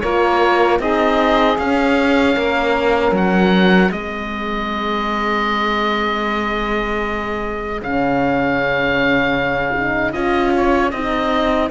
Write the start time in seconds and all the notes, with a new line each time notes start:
0.00 A#3 F4 A#4 C#5
0.79 C4 D#4 G#4 D#5
1.58 C#4 F5
2.35 A#3 A#4
3.11 F#3 F#5
3.90 G#3 C4 G#4 D#5
7.81 C#3 C#4 F5
9.77 D#4
10.12 C#4 F4 D#5
10.56 C#5
10.90 C4 D#4 D#5